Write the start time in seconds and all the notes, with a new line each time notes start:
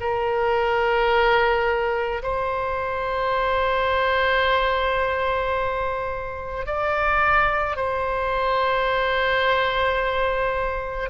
0.00 A#4
2.22 C5
6.66 D5
7.76 C5